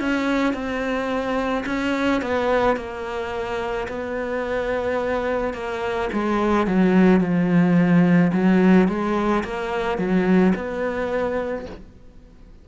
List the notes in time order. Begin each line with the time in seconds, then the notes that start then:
0.00 C#4
0.54 C4
1.66 C#4
2.22 B3
2.77 A#3
3.88 B3
5.54 A#3
6.13 G#3
6.67 F#3
7.21 F3
8.33 F#3
8.88 G#3
9.44 A#3
9.98 F#3
10.55 B3